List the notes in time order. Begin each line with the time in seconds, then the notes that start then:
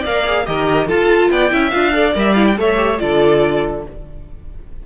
0.00 A#3 A#4 D5 F5
0.26 G#4
0.45 D#3 G4 A#4 D#5
0.87 F4 A4 A5
1.30 B3 D5 G5
1.50 C#4 E4 E5
1.70 D4 F4 F5
1.92 A4 D5
2.14 G3 A#4 E5
2.34 E4 F5
2.47 G5
2.57 A3 A4 C#5 E5
2.76 G4
2.99 D3 F4 A4 D5